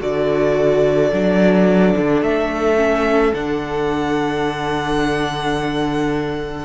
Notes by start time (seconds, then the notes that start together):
0.00 D3 F#4 A4 D5
1.12 F#3 D4
1.97 D3
2.21 A3 E5
2.76 C#4
3.33 D3 D4 F#5